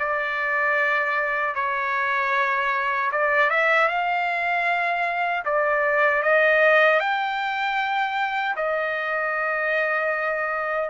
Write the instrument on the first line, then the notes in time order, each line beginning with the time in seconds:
trumpet
0.00 D5
1.55 C#5
3.12 D5
3.51 E5
3.89 F5
5.45 D5
6.23 D#5
7.00 G5
8.56 D#5